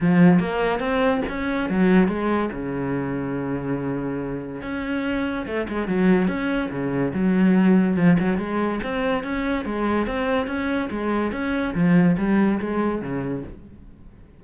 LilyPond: \new Staff \with { instrumentName = "cello" } { \time 4/4 \tempo 4 = 143 f4 ais4 c'4 cis'4 | fis4 gis4 cis2~ | cis2. cis'4~ | cis'4 a8 gis8 fis4 cis'4 |
cis4 fis2 f8 fis8 | gis4 c'4 cis'4 gis4 | c'4 cis'4 gis4 cis'4 | f4 g4 gis4 cis4 | }